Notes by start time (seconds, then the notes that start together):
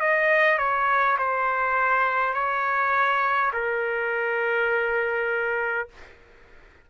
0.00 D#5
0.58 C#5
1.18 C5
2.34 C#5
3.52 A#4